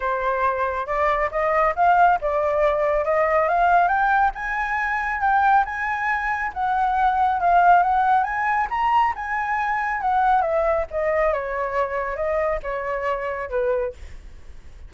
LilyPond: \new Staff \with { instrumentName = "flute" } { \time 4/4 \tempo 4 = 138 c''2 d''4 dis''4 | f''4 d''2 dis''4 | f''4 g''4 gis''2 | g''4 gis''2 fis''4~ |
fis''4 f''4 fis''4 gis''4 | ais''4 gis''2 fis''4 | e''4 dis''4 cis''2 | dis''4 cis''2 b'4 | }